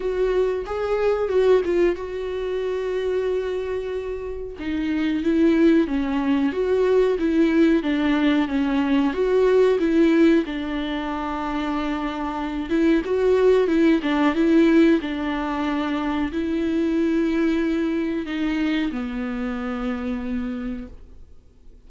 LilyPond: \new Staff \with { instrumentName = "viola" } { \time 4/4 \tempo 4 = 92 fis'4 gis'4 fis'8 f'8 fis'4~ | fis'2. dis'4 | e'4 cis'4 fis'4 e'4 | d'4 cis'4 fis'4 e'4 |
d'2.~ d'8 e'8 | fis'4 e'8 d'8 e'4 d'4~ | d'4 e'2. | dis'4 b2. | }